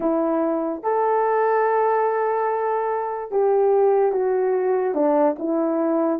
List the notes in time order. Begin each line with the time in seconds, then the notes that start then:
0.00 E4
0.82 A4
3.31 G4
4.12 F#4
4.94 D4
5.38 E4